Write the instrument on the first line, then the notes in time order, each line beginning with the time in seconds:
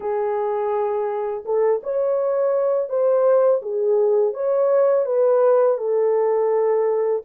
horn
0.00 G#4
1.45 A4
1.83 C#5
2.89 C5
3.61 G#4
4.33 C#5
5.05 B4
5.77 A4